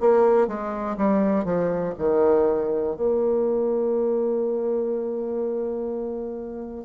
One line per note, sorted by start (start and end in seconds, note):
0.00 0.47 A#3
0.47 0.97 G#3
0.97 1.44 G3
1.44 1.94 F3
1.98 2.96 D#3
2.96 6.85 A#3